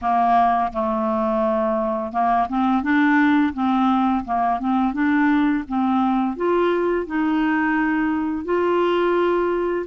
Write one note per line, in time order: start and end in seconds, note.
0.01 0.72 A#3
0.72 2.12 A3
2.12 2.47 A#3
2.49 2.82 C4
2.82 3.53 D4
3.53 4.24 C4
4.24 4.59 A#3
4.59 4.93 C4
4.93 5.63 D4
5.68 6.36 C4
6.36 7.06 F4
7.06 8.44 D#4
8.44 9.86 F4